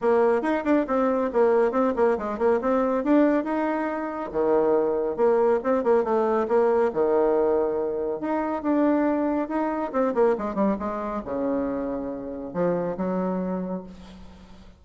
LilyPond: \new Staff \with { instrumentName = "bassoon" } { \time 4/4 \tempo 4 = 139 ais4 dis'8 d'8 c'4 ais4 | c'8 ais8 gis8 ais8 c'4 d'4 | dis'2 dis2 | ais4 c'8 ais8 a4 ais4 |
dis2. dis'4 | d'2 dis'4 c'8 ais8 | gis8 g8 gis4 cis2~ | cis4 f4 fis2 | }